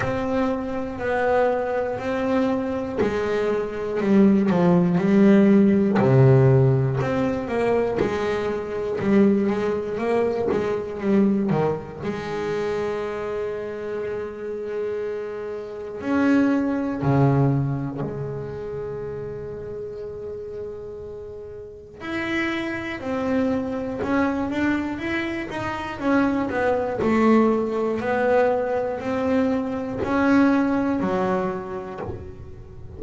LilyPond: \new Staff \with { instrumentName = "double bass" } { \time 4/4 \tempo 4 = 60 c'4 b4 c'4 gis4 | g8 f8 g4 c4 c'8 ais8 | gis4 g8 gis8 ais8 gis8 g8 dis8 | gis1 |
cis'4 cis4 gis2~ | gis2 e'4 c'4 | cis'8 d'8 e'8 dis'8 cis'8 b8 a4 | b4 c'4 cis'4 fis4 | }